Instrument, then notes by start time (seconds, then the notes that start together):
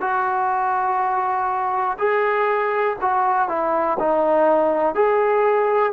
trombone
0.00 F#4
1.98 G#4
3.01 F#4
3.48 E4
3.99 D#4
4.94 G#4